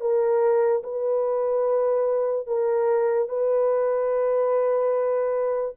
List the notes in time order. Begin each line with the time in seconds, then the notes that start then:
0.00 A#4
0.83 B4
2.47 A#4
3.28 B4